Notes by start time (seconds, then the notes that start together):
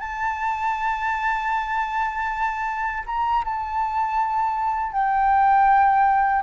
0.00 A5
3.07 A#5
3.45 A5
4.92 G5